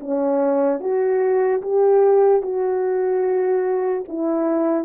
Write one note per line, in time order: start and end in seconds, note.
0.00 0.80 C#4
0.80 1.61 F#4
1.62 2.42 G4
2.42 4.04 F#4
4.08 4.85 E4